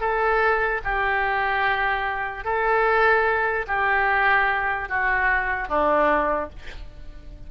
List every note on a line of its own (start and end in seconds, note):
0.00 0.81 A4
0.84 2.44 G4
2.44 3.66 A4
3.67 4.89 G4
4.89 5.68 F#4
5.68 6.49 D4